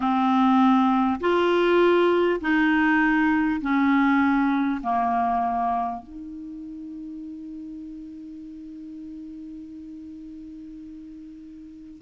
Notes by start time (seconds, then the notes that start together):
0.00 C4
1.20 F4
2.41 D#4
3.61 C#4
4.82 A#3
6.02 D#4